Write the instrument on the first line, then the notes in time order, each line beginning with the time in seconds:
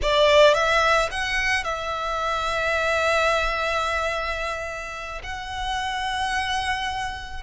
violin
0.02 D5
0.54 E5
1.11 F#5
1.64 E5
5.23 F#5